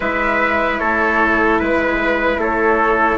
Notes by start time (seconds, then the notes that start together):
0.00 G#3 E4 B4 E5
0.78 A3 A4 C#5
1.59 G#3 B4
2.37 A3 A4 C#5